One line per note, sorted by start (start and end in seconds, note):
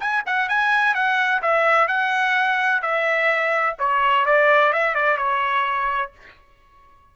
0.00 0.24 G#5
0.26 0.49 F#5
0.49 0.94 G#5
0.94 1.42 F#5
1.42 1.88 E5
1.88 2.82 F#5
2.82 3.77 E5
3.79 4.26 C#5
4.26 4.73 D5
4.73 4.95 E5
4.95 5.18 D5
5.18 6.12 C#5